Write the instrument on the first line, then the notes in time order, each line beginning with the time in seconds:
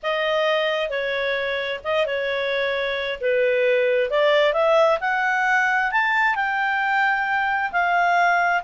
clarinet
0.02 D#5
0.89 C#5
1.83 D#5
2.06 C#5
3.20 B4
4.10 D5
4.53 E5
5.00 F#5
5.91 A5
6.35 G5
7.71 F5